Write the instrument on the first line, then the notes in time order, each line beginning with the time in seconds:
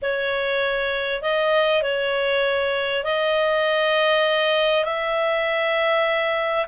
clarinet
0.02 C#5
1.21 D#5
1.82 C#5
3.04 D#5
4.84 E5